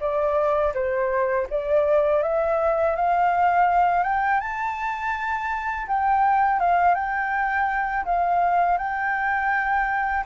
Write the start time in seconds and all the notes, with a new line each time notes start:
0.00 D5
0.74 C5
1.50 D5
2.23 E5
2.96 F5
4.03 G5
4.40 A5
5.87 G5
6.60 F5
6.95 G5
8.05 F5
8.78 G5